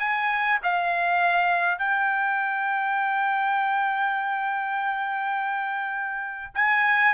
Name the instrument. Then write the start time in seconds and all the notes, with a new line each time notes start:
trumpet
0.00 G#5
0.63 F5
1.78 G5
6.55 G#5